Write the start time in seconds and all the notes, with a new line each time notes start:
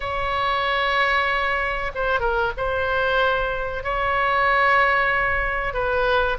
0.00 C#5
1.94 C5
2.20 A#4
2.57 C5
3.83 C#5
5.73 B4